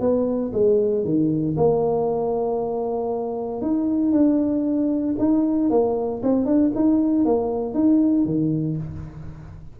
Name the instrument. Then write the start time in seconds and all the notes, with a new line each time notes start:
tuba
0.00 B3
0.53 G#3
1.04 D#3
1.57 A#3
3.62 D#4
4.12 D4
5.19 D#4
5.70 A#3
6.23 C4
6.46 D4
6.75 D#4
7.25 A#3
7.74 D#4
8.25 D#3